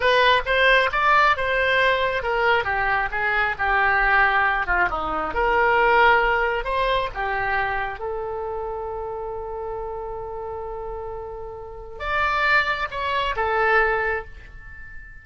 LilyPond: \new Staff \with { instrumentName = "oboe" } { \time 4/4 \tempo 4 = 135 b'4 c''4 d''4 c''4~ | c''4 ais'4 g'4 gis'4 | g'2~ g'8 f'8 dis'4 | ais'2. c''4 |
g'2 a'2~ | a'1~ | a'2. d''4~ | d''4 cis''4 a'2 | }